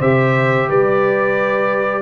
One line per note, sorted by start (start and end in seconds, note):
0.00 0.69 C3
0.00 2.02 G4
0.00 0.68 C5
0.00 0.70 E5
0.69 2.02 G3
0.69 2.02 B4
0.69 2.02 D5